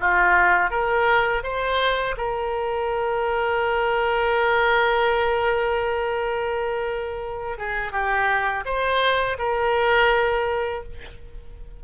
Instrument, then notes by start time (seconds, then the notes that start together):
oboe
0.00 F4
0.71 A#4
1.44 C5
2.17 A#4
7.58 G#4
7.92 G4
8.65 C5
9.39 A#4